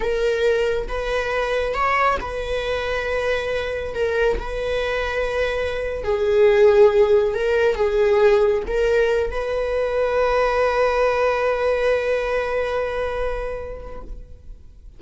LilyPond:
\new Staff \with { instrumentName = "viola" } { \time 4/4 \tempo 4 = 137 ais'2 b'2 | cis''4 b'2.~ | b'4 ais'4 b'2~ | b'4.~ b'16 gis'2~ gis'16~ |
gis'8. ais'4 gis'2 ais'16~ | ais'4~ ais'16 b'2~ b'8.~ | b'1~ | b'1 | }